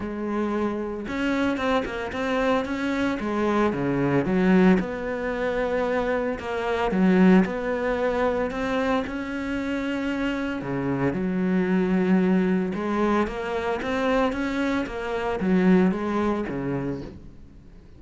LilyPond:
\new Staff \with { instrumentName = "cello" } { \time 4/4 \tempo 4 = 113 gis2 cis'4 c'8 ais8 | c'4 cis'4 gis4 cis4 | fis4 b2. | ais4 fis4 b2 |
c'4 cis'2. | cis4 fis2. | gis4 ais4 c'4 cis'4 | ais4 fis4 gis4 cis4 | }